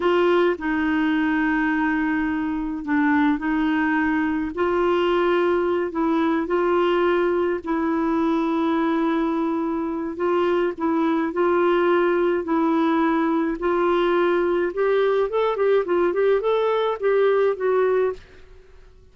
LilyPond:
\new Staff \with { instrumentName = "clarinet" } { \time 4/4 \tempo 4 = 106 f'4 dis'2.~ | dis'4 d'4 dis'2 | f'2~ f'8 e'4 f'8~ | f'4. e'2~ e'8~ |
e'2 f'4 e'4 | f'2 e'2 | f'2 g'4 a'8 g'8 | f'8 g'8 a'4 g'4 fis'4 | }